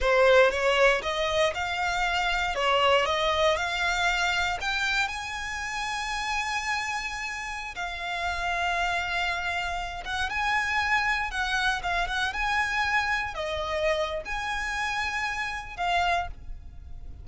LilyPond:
\new Staff \with { instrumentName = "violin" } { \time 4/4 \tempo 4 = 118 c''4 cis''4 dis''4 f''4~ | f''4 cis''4 dis''4 f''4~ | f''4 g''4 gis''2~ | gis''2.~ gis''16 f''8.~ |
f''2.~ f''8. fis''16~ | fis''16 gis''2 fis''4 f''8 fis''16~ | fis''16 gis''2 dis''4.~ dis''16 | gis''2. f''4 | }